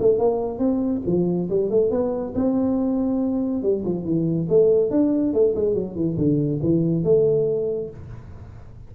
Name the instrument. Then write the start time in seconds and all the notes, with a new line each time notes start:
tuba
0.00 A3
0.19 A#3
0.59 C4
1.06 F3
1.50 G3
1.70 A3
1.91 B3
2.35 C4
3.63 G3
3.85 F3
4.05 E3
4.49 A3
4.91 D4
5.33 A3
5.56 G#3
5.74 F#3
5.96 E3
6.17 D3
6.63 E3
7.04 A3